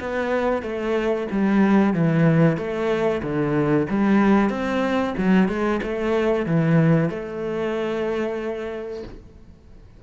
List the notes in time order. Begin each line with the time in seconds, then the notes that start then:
0.00 B3
0.63 A3
1.31 G3
1.94 E3
2.57 A3
3.23 D3
3.90 G3
4.50 C4
5.18 F#3
5.48 G#3
5.83 A3
6.47 E3
7.10 A3